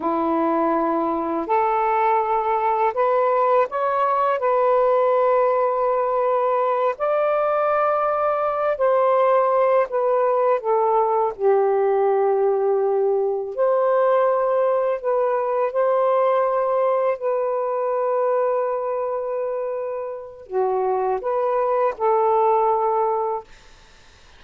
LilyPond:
\new Staff \with { instrumentName = "saxophone" } { \time 4/4 \tempo 4 = 82 e'2 a'2 | b'4 cis''4 b'2~ | b'4. d''2~ d''8 | c''4. b'4 a'4 g'8~ |
g'2~ g'8 c''4.~ | c''8 b'4 c''2 b'8~ | b'1 | fis'4 b'4 a'2 | }